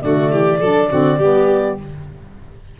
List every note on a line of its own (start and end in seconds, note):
0.00 0.32 D3
0.00 0.59 A3
0.00 0.32 F#4
0.00 1.78 D5
0.32 0.61 E3
0.32 0.60 G4
0.60 0.90 F#3
0.60 0.91 D4
0.60 0.89 A4
0.91 1.19 D3
0.91 1.20 C4
0.91 1.19 F#4
1.19 1.77 G3
1.19 1.80 B3
1.19 1.78 G4